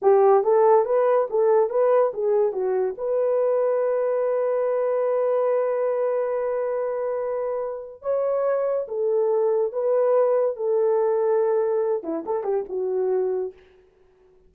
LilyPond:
\new Staff \with { instrumentName = "horn" } { \time 4/4 \tempo 4 = 142 g'4 a'4 b'4 a'4 | b'4 gis'4 fis'4 b'4~ | b'1~ | b'1~ |
b'2. cis''4~ | cis''4 a'2 b'4~ | b'4 a'2.~ | a'8 e'8 a'8 g'8 fis'2 | }